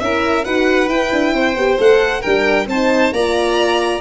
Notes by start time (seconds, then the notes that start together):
0.00 C#4 E4 A#4 E5
0.44 D#4 F#4 B4 F#5
0.88 E4 G5
1.12 D4
1.34 C4 C5
1.55 B3 G4
1.78 A3 A4 F#5
2.21 G3 D4 A#4 G5
2.67 C4 D#4 C5 A5
3.12 A#3 F4 D5 A#5